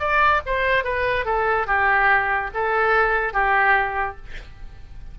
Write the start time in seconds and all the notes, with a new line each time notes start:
0.00 D5
0.46 C5
0.84 B4
1.26 A4
1.67 G4
2.55 A4
3.34 G4